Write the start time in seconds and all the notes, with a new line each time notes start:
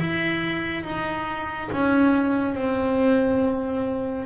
0.00 E4
0.84 D#4
1.72 C#4
2.55 C4